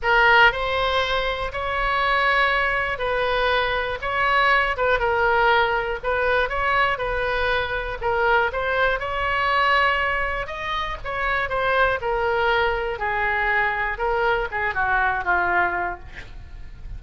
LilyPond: \new Staff \with { instrumentName = "oboe" } { \time 4/4 \tempo 4 = 120 ais'4 c''2 cis''4~ | cis''2 b'2 | cis''4. b'8 ais'2 | b'4 cis''4 b'2 |
ais'4 c''4 cis''2~ | cis''4 dis''4 cis''4 c''4 | ais'2 gis'2 | ais'4 gis'8 fis'4 f'4. | }